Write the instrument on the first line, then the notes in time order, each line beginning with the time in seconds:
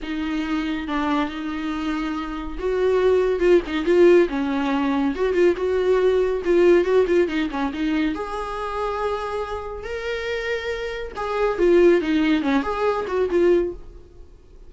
viola
0.02 D#4
0.87 D4
1.29 D#4
2.58 F#4
3.39 F4
3.66 D#4
3.85 F4
4.28 C#4
5.15 F#4
5.33 F4
5.56 F#4
6.45 F4
6.84 F#4
7.07 F4
7.28 D#4
7.50 C#4
7.73 D#4
8.14 G#4
9.83 A#4
11.16 G#4
11.58 F4
12.01 D#4
12.41 C#4
12.63 G#4
13.07 F#4
13.30 F4